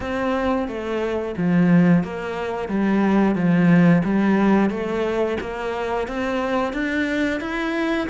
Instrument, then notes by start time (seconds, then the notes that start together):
cello
0.00 C4
0.67 A3
1.37 F3
2.03 A#3
2.68 G3
3.35 F3
4.04 G3
4.70 A3
5.40 A#3
6.07 C4
6.73 D4
7.40 E4